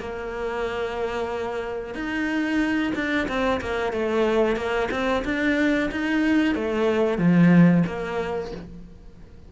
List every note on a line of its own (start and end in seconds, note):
0.00 1.95 A#3
1.95 2.93 D#4
2.95 3.28 D4
3.28 3.61 C4
3.61 3.93 A#3
3.93 4.57 A3
4.57 4.89 A#3
4.91 5.24 C4
5.25 5.90 D4
5.92 6.55 D#4
6.55 7.18 A3
7.18 7.83 F3
7.87 8.52 A#3